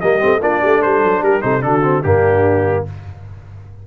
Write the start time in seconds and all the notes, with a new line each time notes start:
0.00 G3 A#3 G4 D#5
0.19 A3 C4
0.41 A#3 D4 F4 D5
0.60 A3 G4
0.82 G3 A4 C5
1.04 F#3
1.22 G3 G4 A#4
1.41 C3 D#4 A4 C5
1.61 D3 D4 F#4 A4
1.83 C4
2.03 G2 A#3 D4 G4